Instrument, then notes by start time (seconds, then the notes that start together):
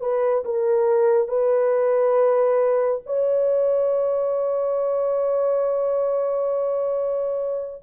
horn
0.00 B4
0.45 A#4
1.28 B4
3.06 C#5